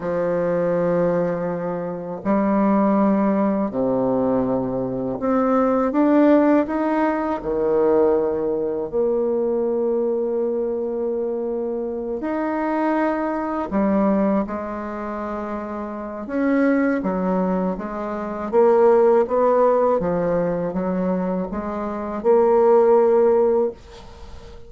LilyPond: \new Staff \with { instrumentName = "bassoon" } { \time 4/4 \tempo 4 = 81 f2. g4~ | g4 c2 c'4 | d'4 dis'4 dis2 | ais1~ |
ais8 dis'2 g4 gis8~ | gis2 cis'4 fis4 | gis4 ais4 b4 f4 | fis4 gis4 ais2 | }